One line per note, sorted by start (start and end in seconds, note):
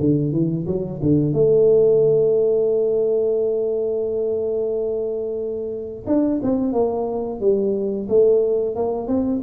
0.00 0.32 D3
0.32 0.66 E3
0.67 1.01 F#3
1.03 1.34 D3
1.34 6.06 A3
6.07 6.41 D4
6.43 6.73 C4
6.73 7.41 A#3
7.41 8.08 G3
8.09 8.76 A3
8.76 9.08 A#3
9.08 9.42 C4